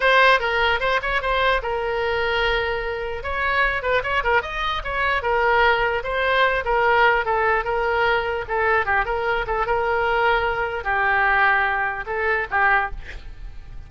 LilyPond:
\new Staff \with { instrumentName = "oboe" } { \time 4/4 \tempo 4 = 149 c''4 ais'4 c''8 cis''8 c''4 | ais'1 | cis''4. b'8 cis''8 ais'8 dis''4 | cis''4 ais'2 c''4~ |
c''8 ais'4. a'4 ais'4~ | ais'4 a'4 g'8 ais'4 a'8 | ais'2. g'4~ | g'2 a'4 g'4 | }